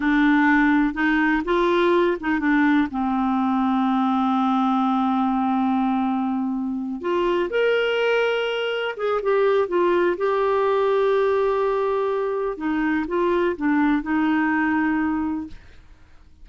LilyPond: \new Staff \with { instrumentName = "clarinet" } { \time 4/4 \tempo 4 = 124 d'2 dis'4 f'4~ | f'8 dis'8 d'4 c'2~ | c'1~ | c'2~ c'8 f'4 ais'8~ |
ais'2~ ais'8 gis'8 g'4 | f'4 g'2.~ | g'2 dis'4 f'4 | d'4 dis'2. | }